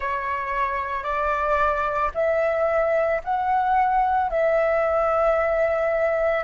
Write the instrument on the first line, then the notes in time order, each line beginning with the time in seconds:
flute
0.00 C#5
1.03 D5
2.14 E5
3.24 F#5
4.30 E5